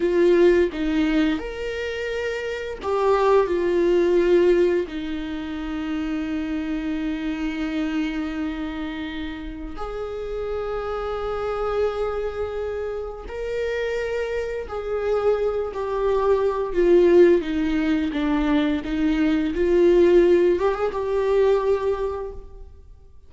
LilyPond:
\new Staff \with { instrumentName = "viola" } { \time 4/4 \tempo 4 = 86 f'4 dis'4 ais'2 | g'4 f'2 dis'4~ | dis'1~ | dis'2 gis'2~ |
gis'2. ais'4~ | ais'4 gis'4. g'4. | f'4 dis'4 d'4 dis'4 | f'4. g'16 gis'16 g'2 | }